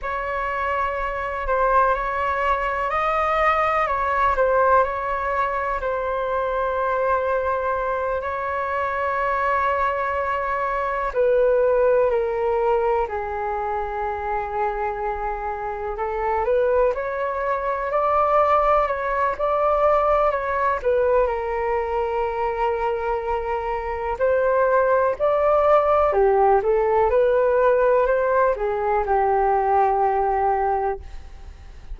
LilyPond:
\new Staff \with { instrumentName = "flute" } { \time 4/4 \tempo 4 = 62 cis''4. c''8 cis''4 dis''4 | cis''8 c''8 cis''4 c''2~ | c''8 cis''2. b'8~ | b'8 ais'4 gis'2~ gis'8~ |
gis'8 a'8 b'8 cis''4 d''4 cis''8 | d''4 cis''8 b'8 ais'2~ | ais'4 c''4 d''4 g'8 a'8 | b'4 c''8 gis'8 g'2 | }